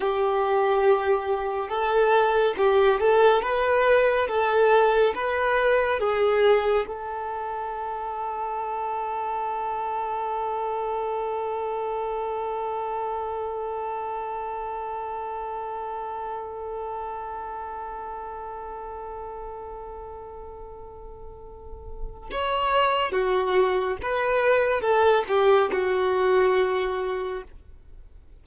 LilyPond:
\new Staff \with { instrumentName = "violin" } { \time 4/4 \tempo 4 = 70 g'2 a'4 g'8 a'8 | b'4 a'4 b'4 gis'4 | a'1~ | a'1~ |
a'1~ | a'1~ | a'2 cis''4 fis'4 | b'4 a'8 g'8 fis'2 | }